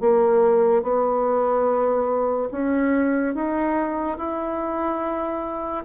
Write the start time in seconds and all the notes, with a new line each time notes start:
0.00 A#3
0.82 B3
2.51 C#4
3.34 D#4
4.18 E4